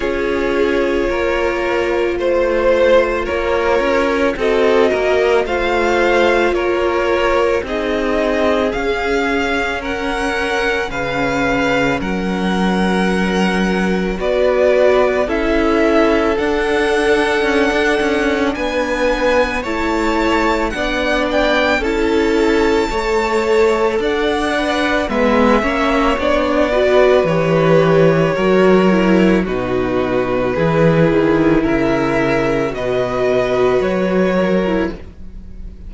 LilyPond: <<
  \new Staff \with { instrumentName = "violin" } { \time 4/4 \tempo 4 = 55 cis''2 c''4 cis''4 | dis''4 f''4 cis''4 dis''4 | f''4 fis''4 f''4 fis''4~ | fis''4 d''4 e''4 fis''4~ |
fis''4 gis''4 a''4 fis''8 g''8 | a''2 fis''4 e''4 | d''4 cis''2 b'4~ | b'4 e''4 dis''4 cis''4 | }
  \new Staff \with { instrumentName = "violin" } { \time 4/4 gis'4 ais'4 c''4 ais'4 | a'8 ais'8 c''4 ais'4 gis'4~ | gis'4 ais'4 b'4 ais'4~ | ais'4 b'4 a'2~ |
a'4 b'4 cis''4 d''4 | a'4 cis''4 d''4 b'8 cis''8~ | cis''8 b'4. ais'4 fis'4 | gis'4 ais'4 b'4. ais'8 | }
  \new Staff \with { instrumentName = "viola" } { \time 4/4 f'1 | fis'4 f'2 dis'4 | cis'1~ | cis'4 fis'4 e'4 d'4~ |
d'2 e'4 d'4 | e'4 a'4. b'8 b8 cis'8 | d'8 fis'8 g'4 fis'8 e'8 dis'4 | e'2 fis'4.~ fis'16 e'16 | }
  \new Staff \with { instrumentName = "cello" } { \time 4/4 cis'4 ais4 a4 ais8 cis'8 | c'8 ais8 a4 ais4 c'4 | cis'2 cis4 fis4~ | fis4 b4 cis'4 d'4 |
cis'16 d'16 cis'8 b4 a4 b4 | cis'4 a4 d'4 gis8 ais8 | b4 e4 fis4 b,4 | e8 dis8 cis4 b,4 fis4 | }
>>